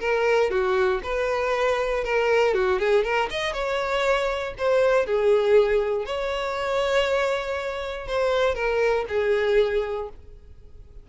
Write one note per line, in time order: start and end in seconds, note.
0.00 0.50 A#4
0.50 1.01 F#4
1.03 2.04 B4
2.04 2.54 A#4
2.54 2.79 F#4
2.79 3.04 G#4
3.04 3.29 A#4
3.30 3.53 D#5
3.53 4.54 C#5
4.58 5.06 C5
5.06 6.05 G#4
6.05 8.07 C#5
8.07 8.55 C5
8.55 9.05 A#4
9.08 10.09 G#4